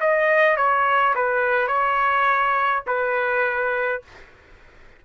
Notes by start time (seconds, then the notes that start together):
0.00 D#5
0.56 C#5
1.15 B4
1.67 C#5
2.86 B4